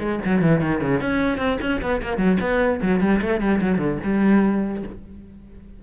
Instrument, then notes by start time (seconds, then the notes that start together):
cello
0.00 G#3
0.25 F#3
0.42 E3
0.61 D#3
0.81 C#3
1.01 C#4
1.39 C4
1.62 C#4
1.82 B3
2.02 A#3
2.18 F#3
2.41 B3
2.82 F#3
3.01 G3
3.22 A3
3.41 G3
3.62 F#3
3.78 D3
4.03 G3